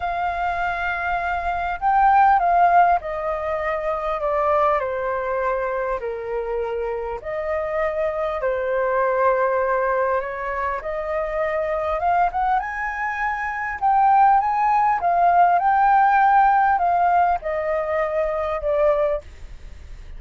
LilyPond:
\new Staff \with { instrumentName = "flute" } { \time 4/4 \tempo 4 = 100 f''2. g''4 | f''4 dis''2 d''4 | c''2 ais'2 | dis''2 c''2~ |
c''4 cis''4 dis''2 | f''8 fis''8 gis''2 g''4 | gis''4 f''4 g''2 | f''4 dis''2 d''4 | }